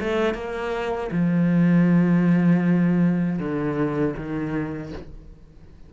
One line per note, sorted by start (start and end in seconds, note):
0.00 0.35 A3
0.35 1.10 A#3
1.12 3.39 F3
3.39 4.15 D3
4.17 4.93 D#3